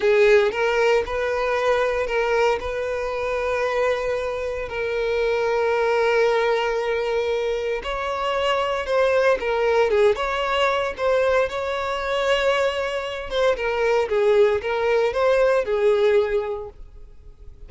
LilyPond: \new Staff \with { instrumentName = "violin" } { \time 4/4 \tempo 4 = 115 gis'4 ais'4 b'2 | ais'4 b'2.~ | b'4 ais'2.~ | ais'2. cis''4~ |
cis''4 c''4 ais'4 gis'8 cis''8~ | cis''4 c''4 cis''2~ | cis''4. c''8 ais'4 gis'4 | ais'4 c''4 gis'2 | }